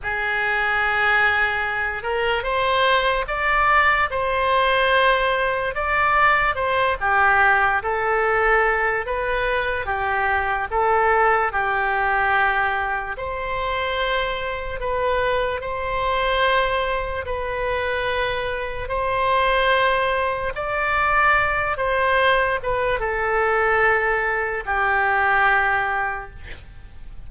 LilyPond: \new Staff \with { instrumentName = "oboe" } { \time 4/4 \tempo 4 = 73 gis'2~ gis'8 ais'8 c''4 | d''4 c''2 d''4 | c''8 g'4 a'4. b'4 | g'4 a'4 g'2 |
c''2 b'4 c''4~ | c''4 b'2 c''4~ | c''4 d''4. c''4 b'8 | a'2 g'2 | }